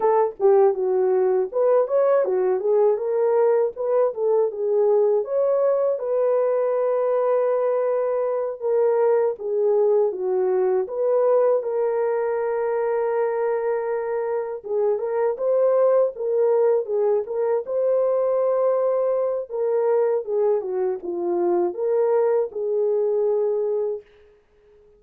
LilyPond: \new Staff \with { instrumentName = "horn" } { \time 4/4 \tempo 4 = 80 a'8 g'8 fis'4 b'8 cis''8 fis'8 gis'8 | ais'4 b'8 a'8 gis'4 cis''4 | b'2.~ b'8 ais'8~ | ais'8 gis'4 fis'4 b'4 ais'8~ |
ais'2.~ ais'8 gis'8 | ais'8 c''4 ais'4 gis'8 ais'8 c''8~ | c''2 ais'4 gis'8 fis'8 | f'4 ais'4 gis'2 | }